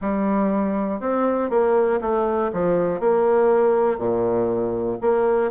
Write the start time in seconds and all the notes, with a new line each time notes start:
0.00 G3
1.00 C4
1.50 A#3
2.01 A3
2.53 F3
3.00 A#3
3.98 A#2
5.01 A#3